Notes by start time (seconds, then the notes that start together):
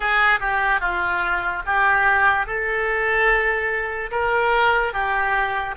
0.00 G#4
0.40 G4
0.80 F4
1.66 G4
2.46 A4
4.11 A#4
4.93 G4